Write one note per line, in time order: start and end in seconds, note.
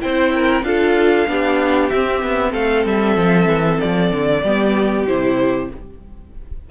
0.00 0.63 C4
0.00 0.63 E4
0.00 0.33 C5
0.00 0.64 G5
0.35 0.66 A#4
0.63 1.26 D4
0.63 1.27 F4
0.63 1.30 A4
0.63 1.90 F5
1.28 1.91 B3
1.28 1.91 D4
1.28 2.52 G4
1.90 4.45 C4
1.90 2.22 C4
1.90 2.53 E5
2.22 2.54 B3
2.52 2.86 A3
2.52 4.41 A4
2.52 2.85 F5
2.86 3.17 G3
2.86 3.80 E5
3.17 3.47 F3
3.47 3.79 E3
3.80 4.11 F3
3.80 5.07 D5
4.11 4.43 D3
4.44 5.07 G3
4.44 5.07 B3
4.44 5.70 G4
5.07 5.71 C3
5.07 5.71 E4
5.07 5.70 C5